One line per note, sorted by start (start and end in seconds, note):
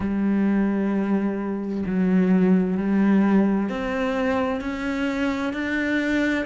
0.00 1.84 G3
1.85 2.77 F#3
2.77 3.69 G3
3.69 4.61 C4
4.61 5.53 C#4
5.53 6.45 D4